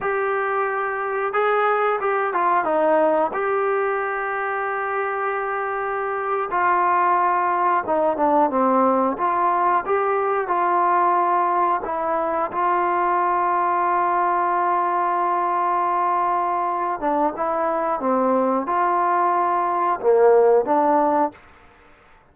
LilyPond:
\new Staff \with { instrumentName = "trombone" } { \time 4/4 \tempo 4 = 90 g'2 gis'4 g'8 f'8 | dis'4 g'2.~ | g'4.~ g'16 f'2 dis'16~ | dis'16 d'8 c'4 f'4 g'4 f'16~ |
f'4.~ f'16 e'4 f'4~ f'16~ | f'1~ | f'4. d'8 e'4 c'4 | f'2 ais4 d'4 | }